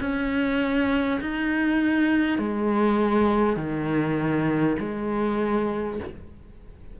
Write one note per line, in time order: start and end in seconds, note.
0.00 1.20 C#4
1.21 2.38 D#4
2.38 3.56 G#3
3.56 4.76 D#3
4.79 5.99 G#3